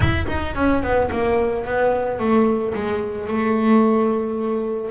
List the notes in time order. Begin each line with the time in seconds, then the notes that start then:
0.00 E4
0.28 D#4
0.55 C#4
0.82 B3
1.11 A#3
1.65 B3
2.19 A3
2.74 G#3
3.27 A3